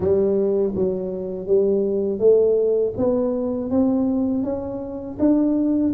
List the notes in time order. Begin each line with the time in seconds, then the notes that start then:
0.00 G3
0.75 F#3
1.46 G3
2.19 A3
2.97 B3
3.70 C4
4.43 C#4
5.19 D4